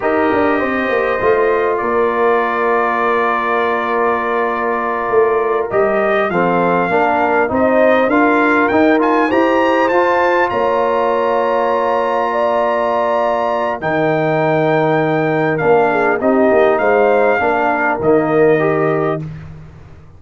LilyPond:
<<
  \new Staff \with { instrumentName = "trumpet" } { \time 4/4 \tempo 4 = 100 dis''2. d''4~ | d''1~ | d''4. dis''4 f''4.~ | f''8 dis''4 f''4 g''8 gis''8 ais''8~ |
ais''8 a''4 ais''2~ ais''8~ | ais''2. g''4~ | g''2 f''4 dis''4 | f''2 dis''2 | }
  \new Staff \with { instrumentName = "horn" } { \time 4/4 ais'4 c''2 ais'4~ | ais'1~ | ais'2~ ais'8 a'4 ais'8~ | ais'8 c''4 ais'2 c''8~ |
c''4. cis''2~ cis''8~ | cis''8 d''2~ d''8 ais'4~ | ais'2~ ais'8 gis'8 g'4 | c''4 ais'2. | }
  \new Staff \with { instrumentName = "trombone" } { \time 4/4 g'2 f'2~ | f'1~ | f'4. g'4 c'4 d'8~ | d'8 dis'4 f'4 dis'8 f'8 g'8~ |
g'8 f'2.~ f'8~ | f'2. dis'4~ | dis'2 d'4 dis'4~ | dis'4 d'4 ais4 g'4 | }
  \new Staff \with { instrumentName = "tuba" } { \time 4/4 dis'8 d'8 c'8 ais8 a4 ais4~ | ais1~ | ais8 a4 g4 f4 ais8~ | ais8 c'4 d'4 dis'4 e'8~ |
e'8 f'4 ais2~ ais8~ | ais2. dis4~ | dis2 ais4 c'8 ais8 | gis4 ais4 dis2 | }
>>